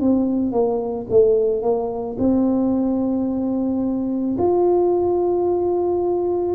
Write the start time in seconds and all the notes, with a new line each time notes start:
0.00 C4
0.52 A#3
1.09 A3
1.62 A#3
2.18 C4
4.38 F4